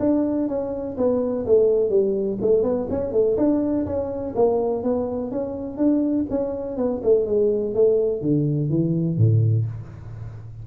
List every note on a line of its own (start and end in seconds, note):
0.00 0.48 D4
0.49 0.97 C#4
0.98 1.46 B3
1.46 1.90 A3
1.90 2.38 G3
2.42 2.63 A3
2.63 2.87 B3
2.90 3.13 C#4
3.13 3.37 A3
3.38 3.86 D4
3.87 4.35 C#4
4.36 4.83 A#3
4.83 5.32 B3
5.32 5.78 C#4
5.78 6.26 D4
6.31 6.77 C#4
6.77 7.02 B3
7.04 7.26 A3
7.26 7.75 G#3
7.75 8.22 A3
8.22 8.70 D3
8.70 9.18 E3
9.18 9.66 A2